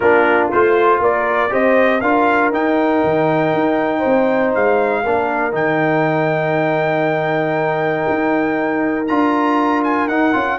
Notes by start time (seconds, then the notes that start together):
0.00 A#3 D4 F4 A#4
0.51 A3 F4 C5
0.99 A#3 A#4 D5
1.49 C4 G4 C5 D#5
2.00 D4 F4 A#4 F5
2.52 D#4 G5
3.03 D#3
3.53 D#4
3.99 C5
4.05 C4
4.54 G#3 F5
5.03 A#3 D4 A#4
5.52 D#3 D#4 G5
8.08 D#4
9.07 D4 F4 A#5
9.83 G#5
10.07 D#4 F#5
10.32 C#4 F4